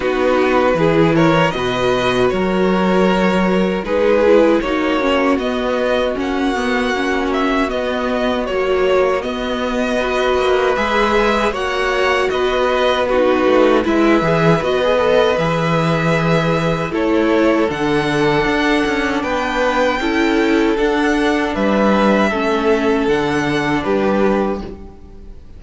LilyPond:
<<
  \new Staff \with { instrumentName = "violin" } { \time 4/4 \tempo 4 = 78 b'4. cis''8 dis''4 cis''4~ | cis''4 b'4 cis''4 dis''4 | fis''4. e''8 dis''4 cis''4 | dis''2 e''4 fis''4 |
dis''4 b'4 e''4 dis''4 | e''2 cis''4 fis''4~ | fis''4 g''2 fis''4 | e''2 fis''4 b'4 | }
  \new Staff \with { instrumentName = "violin" } { \time 4/4 fis'4 gis'8 ais'8 b'4 ais'4~ | ais'4 gis'4 fis'2~ | fis'1~ | fis'4 b'2 cis''4 |
b'4 fis'4 b'2~ | b'2 a'2~ | a'4 b'4 a'2 | b'4 a'2 g'4 | }
  \new Staff \with { instrumentName = "viola" } { \time 4/4 dis'4 e'4 fis'2~ | fis'4 dis'8 e'8 dis'8 cis'8 b4 | cis'8 b8 cis'4 b4 fis4 | b4 fis'4 gis'4 fis'4~ |
fis'4 dis'4 e'8 gis'8 fis'16 gis'16 a'8 | gis'2 e'4 d'4~ | d'2 e'4 d'4~ | d'4 cis'4 d'2 | }
  \new Staff \with { instrumentName = "cello" } { \time 4/4 b4 e4 b,4 fis4~ | fis4 gis4 ais4 b4 | ais2 b4 ais4 | b4. ais8 gis4 ais4 |
b4. a8 gis8 e8 b4 | e2 a4 d4 | d'8 cis'8 b4 cis'4 d'4 | g4 a4 d4 g4 | }
>>